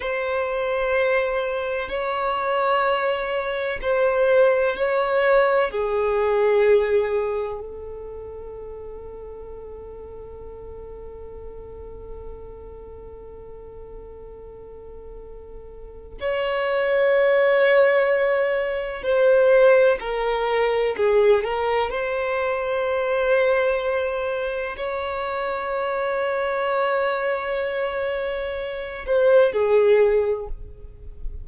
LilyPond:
\new Staff \with { instrumentName = "violin" } { \time 4/4 \tempo 4 = 63 c''2 cis''2 | c''4 cis''4 gis'2 | a'1~ | a'1~ |
a'4 cis''2. | c''4 ais'4 gis'8 ais'8 c''4~ | c''2 cis''2~ | cis''2~ cis''8 c''8 gis'4 | }